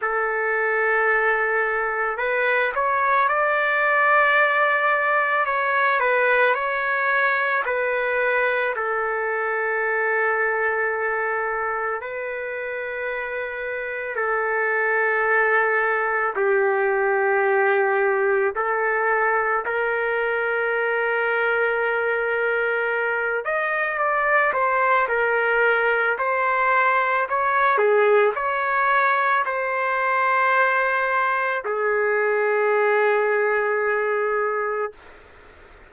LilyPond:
\new Staff \with { instrumentName = "trumpet" } { \time 4/4 \tempo 4 = 55 a'2 b'8 cis''8 d''4~ | d''4 cis''8 b'8 cis''4 b'4 | a'2. b'4~ | b'4 a'2 g'4~ |
g'4 a'4 ais'2~ | ais'4. dis''8 d''8 c''8 ais'4 | c''4 cis''8 gis'8 cis''4 c''4~ | c''4 gis'2. | }